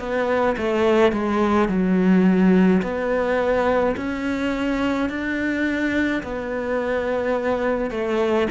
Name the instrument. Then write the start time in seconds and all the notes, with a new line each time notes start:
cello
0.00 B3
0.58 A3
1.13 G#3
1.69 F#3
2.83 B3
3.97 C#4
5.10 D4
6.24 B3
7.91 A3